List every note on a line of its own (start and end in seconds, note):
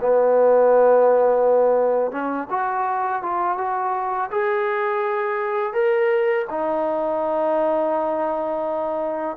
0.00 2.11 B3
2.11 2.47 C#4
2.50 3.22 F#4
3.22 3.58 F4
3.58 4.30 F#4
4.31 5.73 G#4
5.73 6.45 A#4
6.50 9.36 D#4